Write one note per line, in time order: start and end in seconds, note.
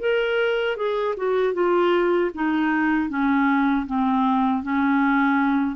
0.00 0.77 A#4
0.77 1.15 G#4
1.17 1.54 F#4
1.54 2.31 F4
2.35 3.09 D#4
3.09 3.86 C#4
3.87 4.63 C4
4.63 5.76 C#4